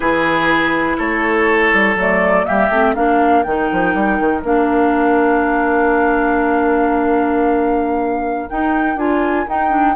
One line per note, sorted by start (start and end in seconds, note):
0.00 0.96 E3
0.00 1.97 E4
0.00 0.96 G#4
0.00 0.98 B4
0.98 1.73 A3
0.98 2.46 A4
0.98 1.97 C#5
1.73 1.95 G3
1.95 2.44 F#3
1.95 2.44 A3
1.95 2.45 D5
2.44 2.69 G3
2.44 2.69 A#3
2.44 2.94 G4
2.44 2.94 E5
2.69 2.94 A3
2.69 2.95 C4
2.94 3.45 A#3
2.94 3.44 D4
2.94 9.95 A#4
2.94 3.43 F5
3.43 3.70 D#3
3.43 4.43 D#4
3.43 4.41 G5
3.72 3.94 F3
3.94 4.19 G3
4.19 4.43 D#3
4.43 8.48 A#3
4.43 8.49 D4
4.43 8.49 F5
8.49 8.97 D#4
8.49 8.96 D#4
8.49 8.98 G5
8.96 9.45 D4
8.96 9.46 F4
8.96 9.48 G#5
9.48 9.95 D#4
9.48 9.69 D#4
9.48 9.95 G5
9.69 9.94 D4